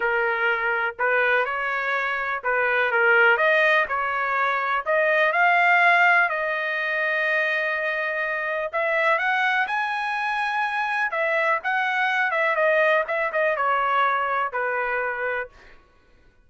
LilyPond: \new Staff \with { instrumentName = "trumpet" } { \time 4/4 \tempo 4 = 124 ais'2 b'4 cis''4~ | cis''4 b'4 ais'4 dis''4 | cis''2 dis''4 f''4~ | f''4 dis''2.~ |
dis''2 e''4 fis''4 | gis''2. e''4 | fis''4. e''8 dis''4 e''8 dis''8 | cis''2 b'2 | }